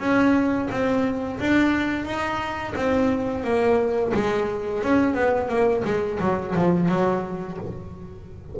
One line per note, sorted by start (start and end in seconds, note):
0.00 0.69 C#4
0.71 1.40 C4
1.40 2.05 D4
2.05 2.74 D#4
2.76 3.44 C4
3.44 4.13 A#3
4.14 4.83 G#3
4.83 5.14 C#4
5.14 5.49 B3
5.49 5.83 A#3
5.85 6.19 G#3
6.20 6.55 F#3
6.56 6.89 F3
6.89 7.58 F#3